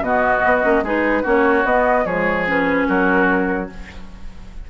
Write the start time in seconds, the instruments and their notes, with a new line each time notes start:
0.00 bassoon B2, clarinet B3, oboe F#4, flute D#5
0.45 bassoon B3
0.62 bassoon A#3, clarinet C#4
0.82 bassoon G#3, clarinet D#4, oboe G#4, flute B4
1.23 bassoon A#3, clarinet C#4, oboe F#4, flute C#5
1.64 bassoon B3, clarinet B3, flute D#5
2.05 bassoon F3, clarinet G#3, oboe G#4, flute C#5
2.47 clarinet C#4, flute B4
2.88 bassoon F#3, oboe F#4, flute A#4